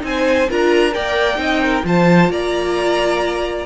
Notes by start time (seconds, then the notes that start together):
0.00 C4 D#4 G#5
0.07 C5
0.50 D4 F4 A#4 A#5
0.91 A#3 A#4 D5 G5
1.35 C4 D#4 D#5
1.62 A#4
1.83 F3 F4 C5 A5
2.29 A#3 D5 A#5